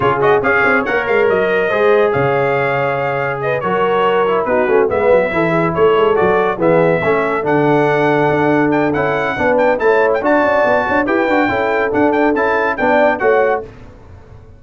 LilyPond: <<
  \new Staff \with { instrumentName = "trumpet" } { \time 4/4 \tempo 4 = 141 cis''8 dis''8 f''4 fis''8 f''8 dis''4~ | dis''4 f''2. | dis''8 cis''2 b'4 e''8~ | e''4. cis''4 d''4 e''8~ |
e''4. fis''2~ fis''8~ | fis''8 g''8 fis''4. g''8 a''8. g''16 | a''2 g''2 | fis''8 g''8 a''4 g''4 fis''4 | }
  \new Staff \with { instrumentName = "horn" } { \time 4/4 gis'4 cis''2. | c''4 cis''2. | b'8 ais'2 fis'4 b'8~ | b'8 a'8 gis'8 a'2 gis'8~ |
gis'8 a'2.~ a'8~ | a'2 b'4 cis''4 | d''4. cis''8 b'4 a'4~ | a'2 d''4 cis''4 | }
  \new Staff \with { instrumentName = "trombone" } { \time 4/4 f'8 fis'8 gis'4 ais'2 | gis'1~ | gis'8 fis'4. e'8 dis'8 cis'8 b8~ | b8 e'2 fis'4 b8~ |
b8 cis'4 d'2~ d'8~ | d'4 e'4 d'4 e'4 | fis'2 g'8 fis'8 e'4 | d'4 e'4 d'4 fis'4 | }
  \new Staff \with { instrumentName = "tuba" } { \time 4/4 cis4 cis'8 c'8 ais8 gis8 fis4 | gis4 cis2.~ | cis8 fis2 b8 a8 gis8 | fis8 e4 a8 gis8 fis4 e8~ |
e8 a4 d2 d'8~ | d'4 cis'4 b4 a4 | d'8 cis'8 b8 d'8 e'8 d'8 cis'4 | d'4 cis'4 b4 a4 | }
>>